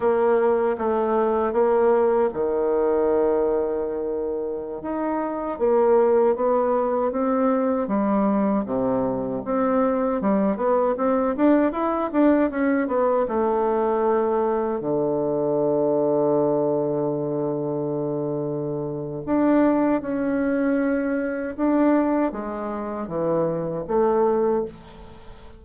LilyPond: \new Staff \with { instrumentName = "bassoon" } { \time 4/4 \tempo 4 = 78 ais4 a4 ais4 dis4~ | dis2~ dis16 dis'4 ais8.~ | ais16 b4 c'4 g4 c8.~ | c16 c'4 g8 b8 c'8 d'8 e'8 d'16~ |
d'16 cis'8 b8 a2 d8.~ | d1~ | d4 d'4 cis'2 | d'4 gis4 e4 a4 | }